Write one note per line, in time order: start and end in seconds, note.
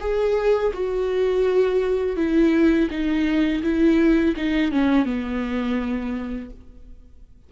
0.00 0.72 G#4
0.73 2.17 F#4
2.17 2.89 E4
2.90 3.62 D#4
3.62 4.35 E4
4.36 4.72 D#4
4.72 5.05 C#4
5.05 6.50 B3